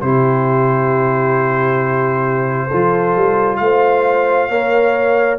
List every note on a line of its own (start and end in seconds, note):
0.00 2.70 C3
0.00 2.70 E4
0.00 2.67 G4
0.00 3.57 C5
2.67 4.50 F4
2.67 3.56 A4
2.73 3.15 F3
3.15 3.59 G3
3.57 4.49 A3
3.57 4.49 C5
3.57 5.36 F5
4.49 5.38 A#3
4.49 5.39 A#4
4.49 5.38 C#5